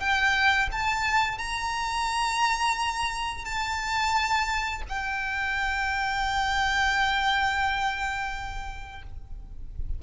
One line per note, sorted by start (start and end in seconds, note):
0.00 0.69 G5
0.72 1.39 A5
1.39 3.45 A#5
3.45 4.83 A5
4.89 9.03 G5